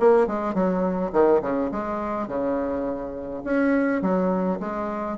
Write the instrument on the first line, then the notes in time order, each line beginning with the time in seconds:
bassoon
0.00 A#3
0.28 G#3
0.55 F#3
1.13 D#3
1.42 C#3
1.72 G#3
2.28 C#3
3.45 C#4
4.02 F#3
4.60 G#3